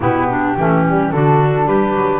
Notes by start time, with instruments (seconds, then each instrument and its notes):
0.00 double bass B2, saxophone B3, clarinet E4, flute G4
0.29 clarinet D4
0.56 double bass E3, saxophone A3, clarinet C#4
0.85 saxophone G3
1.11 double bass D3, saxophone D4, clarinet F#4, flute A4
1.66 double bass G3, clarinet G4, flute B4
1.94 double bass F#3